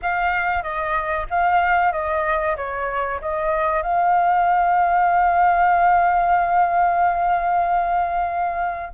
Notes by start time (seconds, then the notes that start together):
0.02 F5
0.62 D#5
1.29 F5
1.91 D#5
2.56 C#5
3.21 D#5
3.82 F5